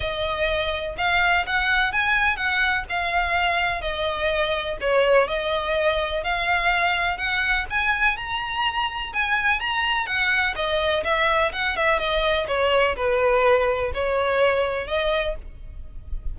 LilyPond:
\new Staff \with { instrumentName = "violin" } { \time 4/4 \tempo 4 = 125 dis''2 f''4 fis''4 | gis''4 fis''4 f''2 | dis''2 cis''4 dis''4~ | dis''4 f''2 fis''4 |
gis''4 ais''2 gis''4 | ais''4 fis''4 dis''4 e''4 | fis''8 e''8 dis''4 cis''4 b'4~ | b'4 cis''2 dis''4 | }